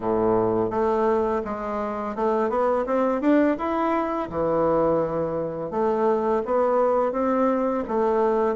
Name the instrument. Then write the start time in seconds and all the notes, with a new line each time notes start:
bassoon
0.00 A2
0.70 A3
1.44 G#3
2.15 A3
2.49 B3
2.86 C4
3.21 D4
3.57 E4
4.29 E3
5.70 A3
6.45 B3
7.12 C4
7.88 A3